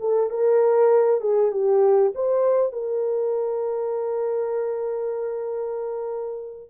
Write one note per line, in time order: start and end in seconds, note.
0.00 0.30 A4
0.30 1.21 A#4
1.21 1.52 G#4
1.52 2.13 G4
2.15 2.72 C5
2.72 6.70 A#4